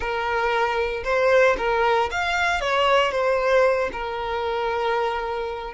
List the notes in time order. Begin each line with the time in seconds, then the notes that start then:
0.00 A#4
1.04 C5
1.57 A#4
2.11 F5
2.60 C#5
3.11 C5
3.92 A#4